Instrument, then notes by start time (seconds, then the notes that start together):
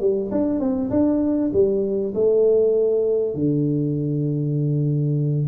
tuba
0.00 G3
0.31 D4
0.60 C4
0.90 D4
1.53 G3
2.15 A3
3.34 D3